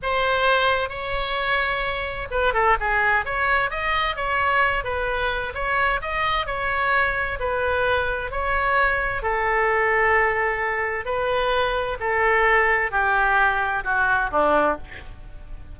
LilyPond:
\new Staff \with { instrumentName = "oboe" } { \time 4/4 \tempo 4 = 130 c''2 cis''2~ | cis''4 b'8 a'8 gis'4 cis''4 | dis''4 cis''4. b'4. | cis''4 dis''4 cis''2 |
b'2 cis''2 | a'1 | b'2 a'2 | g'2 fis'4 d'4 | }